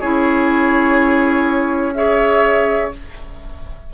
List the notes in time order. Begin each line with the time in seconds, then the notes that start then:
0.00 C#4 E4 G#4 C#5
1.94 G#4 C#5 E5